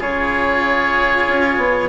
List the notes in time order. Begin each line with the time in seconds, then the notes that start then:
0.00 C#3 F4 G#4 C#5
1.28 C#4
1.58 B3